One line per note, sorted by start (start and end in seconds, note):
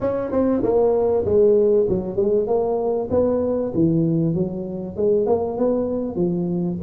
0.01 0.31 C#4
0.31 0.62 C4
0.62 1.24 A#3
1.25 1.86 G#3
1.89 2.16 F#3
2.16 2.47 G#3
2.47 3.08 A#3
3.10 3.72 B3
3.74 4.34 E3
4.34 4.96 F#3
4.96 5.26 G#3
5.26 5.57 A#3
5.57 6.15 B3
6.15 6.77 F3